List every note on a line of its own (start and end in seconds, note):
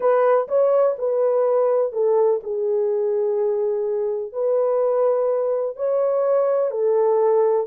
0.00 0.47 B4
0.47 0.95 C#5
0.98 1.92 B4
1.92 2.40 A4
2.43 4.32 G#4
4.32 5.76 B4
5.76 6.70 C#5
6.70 7.66 A4